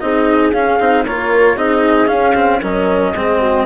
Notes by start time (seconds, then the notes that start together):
0.00 C4 D#4 G#4 D#5
0.53 C#4 F5
0.80 C4 D#4
1.06 A#3 F4 A#4 C#5
1.56 C4 D#4 G#4 D#5
2.07 C#4 F5
2.35 C4
2.62 F#3 C#4 A#4 D#5
3.14 G#3 C4 G#4
3.40 F#4